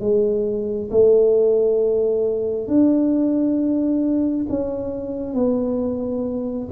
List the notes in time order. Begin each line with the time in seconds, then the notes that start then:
0.00 G#3
0.91 A3
2.67 D4
4.49 C#4
5.34 B3